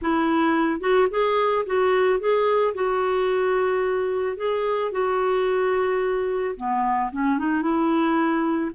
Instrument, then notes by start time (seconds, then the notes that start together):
clarinet
0.01 E4
0.80 F#4
1.10 G#4
1.66 F#4
2.19 G#4
2.74 F#4
4.36 G#4
4.91 F#4
6.56 B3
7.12 C#4
7.38 D#4
7.61 E4